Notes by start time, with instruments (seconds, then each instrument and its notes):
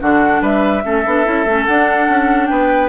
0.00 bassoon D3, clarinet D4, oboe F#4, flute F#5
0.41 bassoon G3, oboe B4, flute E5
0.83 bassoon A3, clarinet C#4, oboe A4
1.06 bassoon B3, clarinet D4
1.25 bassoon C#4, clarinet E4
1.45 bassoon A3, clarinet C#4
1.66 clarinet D4, bassoon D4, flute F#5
2.08 bassoon C#4
2.47 bassoon B3, oboe B4, flute G5